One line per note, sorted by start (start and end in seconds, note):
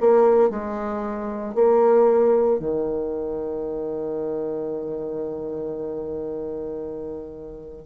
0.00 0.49 A#3
0.49 1.54 G#3
1.54 2.59 A#3
2.59 7.85 D#3